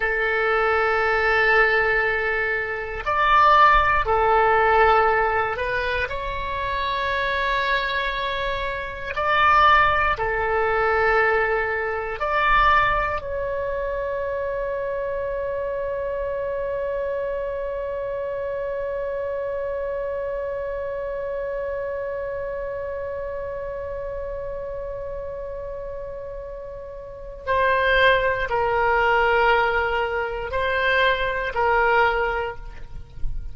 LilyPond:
\new Staff \with { instrumentName = "oboe" } { \time 4/4 \tempo 4 = 59 a'2. d''4 | a'4. b'8 cis''2~ | cis''4 d''4 a'2 | d''4 cis''2.~ |
cis''1~ | cis''1~ | cis''2. c''4 | ais'2 c''4 ais'4 | }